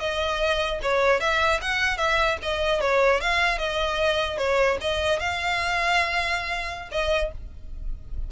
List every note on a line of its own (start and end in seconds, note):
0.00 0.80 D#5
0.82 1.21 C#5
1.21 1.61 E5
1.62 1.98 F#5
1.98 2.38 E5
2.43 2.81 D#5
2.81 3.21 C#5
3.21 3.59 F5
3.59 4.38 D#5
4.38 4.78 C#5
4.81 5.20 D#5
5.20 6.90 F5
6.92 7.32 D#5